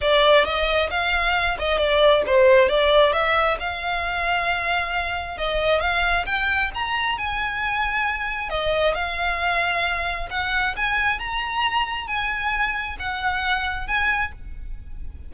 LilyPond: \new Staff \with { instrumentName = "violin" } { \time 4/4 \tempo 4 = 134 d''4 dis''4 f''4. dis''8 | d''4 c''4 d''4 e''4 | f''1 | dis''4 f''4 g''4 ais''4 |
gis''2. dis''4 | f''2. fis''4 | gis''4 ais''2 gis''4~ | gis''4 fis''2 gis''4 | }